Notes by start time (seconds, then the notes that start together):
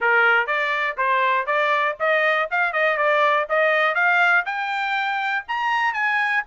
0.00 A#4
0.46 D5
0.97 C5
1.46 D5
1.99 D#5
2.50 F5
2.73 D#5
2.97 D5
3.49 D#5
3.94 F5
4.45 G5
5.47 A#5
5.93 G#5